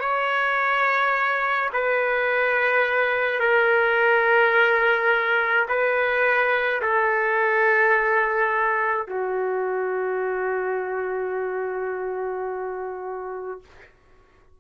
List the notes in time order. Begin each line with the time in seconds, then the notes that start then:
0.00 C#5
1.73 B4
3.40 A#4
5.68 B4
6.82 A4
9.07 F#4